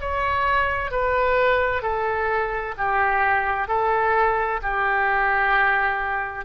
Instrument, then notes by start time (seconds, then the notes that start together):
oboe
0.00 C#5
0.91 B4
1.82 A4
2.77 G4
3.68 A4
4.62 G4